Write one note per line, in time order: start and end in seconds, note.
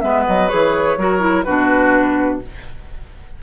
0.00 0.26 G#3
0.00 0.49 B3
0.00 0.98 B4
0.00 0.24 E5
0.26 0.51 F#3
0.26 0.48 D#5
0.48 0.97 E3
0.48 0.96 G#4
0.48 1.43 C#5
0.97 1.44 F#3
0.97 1.19 F#4
0.97 1.45 A#4
1.19 1.43 E4
1.43 2.42 B2
1.43 2.41 D4
1.43 2.40 F#4
1.43 2.38 B4